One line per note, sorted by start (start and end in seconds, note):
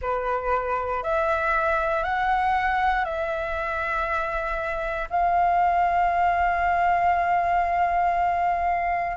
0.01 1.03 B4
1.03 2.03 E5
2.03 3.05 F#5
3.05 5.08 E5
5.10 9.16 F5